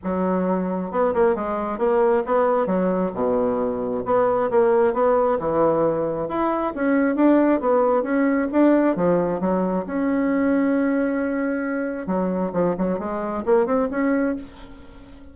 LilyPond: \new Staff \with { instrumentName = "bassoon" } { \time 4/4 \tempo 4 = 134 fis2 b8 ais8 gis4 | ais4 b4 fis4 b,4~ | b,4 b4 ais4 b4 | e2 e'4 cis'4 |
d'4 b4 cis'4 d'4 | f4 fis4 cis'2~ | cis'2. fis4 | f8 fis8 gis4 ais8 c'8 cis'4 | }